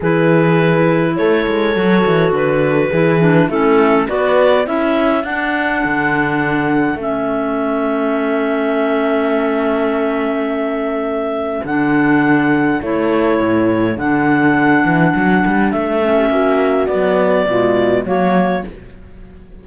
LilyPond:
<<
  \new Staff \with { instrumentName = "clarinet" } { \time 4/4 \tempo 4 = 103 b'2 cis''2 | b'2 a'4 d''4 | e''4 fis''2. | e''1~ |
e''1 | fis''2 cis''2 | fis''2. e''4~ | e''4 d''2 cis''4 | }
  \new Staff \with { instrumentName = "horn" } { \time 4/4 gis'2 a'2~ | a'4 gis'4 e'4 b'4 | a'1~ | a'1~ |
a'1~ | a'1~ | a'2.~ a'8. g'16 | fis'2 f'4 fis'4 | }
  \new Staff \with { instrumentName = "clarinet" } { \time 4/4 e'2. fis'4~ | fis'4 e'8 d'8 cis'4 fis'4 | e'4 d'2. | cis'1~ |
cis'1 | d'2 e'2 | d'2.~ d'8 cis'8~ | cis'4 fis4 gis4 ais4 | }
  \new Staff \with { instrumentName = "cello" } { \time 4/4 e2 a8 gis8 fis8 e8 | d4 e4 a4 b4 | cis'4 d'4 d2 | a1~ |
a1 | d2 a4 a,4 | d4. e8 fis8 g8 a4 | ais4 b4 b,4 fis4 | }
>>